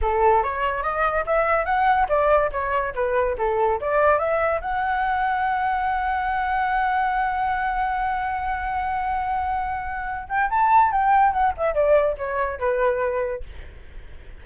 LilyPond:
\new Staff \with { instrumentName = "flute" } { \time 4/4 \tempo 4 = 143 a'4 cis''4 dis''4 e''4 | fis''4 d''4 cis''4 b'4 | a'4 d''4 e''4 fis''4~ | fis''1~ |
fis''1~ | fis''1~ | fis''8 g''8 a''4 g''4 fis''8 e''8 | d''4 cis''4 b'2 | }